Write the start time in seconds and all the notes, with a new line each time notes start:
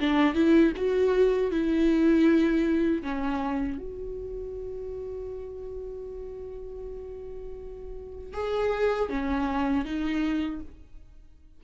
0.00 D4
0.35 E4
0.76 F#4
1.51 E4
3.03 C#4
3.78 F#4
8.34 G#4
9.09 C#4
9.85 D#4